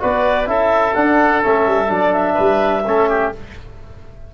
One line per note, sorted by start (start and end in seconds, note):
0.00 0.47 B3
0.00 0.46 F#4
0.00 0.49 B4
0.00 0.48 D5
0.46 0.95 C#4
0.46 0.94 E4
0.46 2.35 A4
0.46 0.94 E5
0.94 1.43 D4
0.94 1.42 D4
0.94 1.42 F#5
1.42 1.67 A3
1.42 1.88 C#4
1.42 1.92 E5
1.67 1.90 G3
1.88 2.37 F#3
1.88 2.83 D4
1.88 2.13 D5
2.13 3.32 E5
2.35 2.87 G3
2.35 2.82 B4
2.87 3.34 A3
2.87 3.34 C#4
2.87 3.09 A4
3.09 3.33 G4